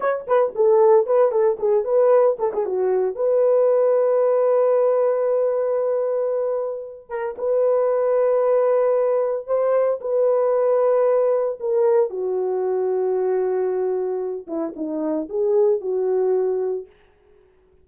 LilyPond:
\new Staff \with { instrumentName = "horn" } { \time 4/4 \tempo 4 = 114 cis''8 b'8 a'4 b'8 a'8 gis'8 b'8~ | b'8 a'16 gis'16 fis'4 b'2~ | b'1~ | b'4. ais'8 b'2~ |
b'2 c''4 b'4~ | b'2 ais'4 fis'4~ | fis'2.~ fis'8 e'8 | dis'4 gis'4 fis'2 | }